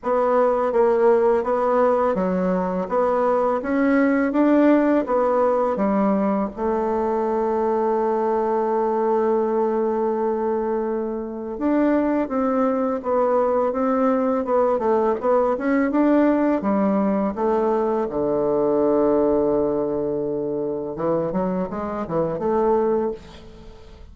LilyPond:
\new Staff \with { instrumentName = "bassoon" } { \time 4/4 \tempo 4 = 83 b4 ais4 b4 fis4 | b4 cis'4 d'4 b4 | g4 a2.~ | a1 |
d'4 c'4 b4 c'4 | b8 a8 b8 cis'8 d'4 g4 | a4 d2.~ | d4 e8 fis8 gis8 e8 a4 | }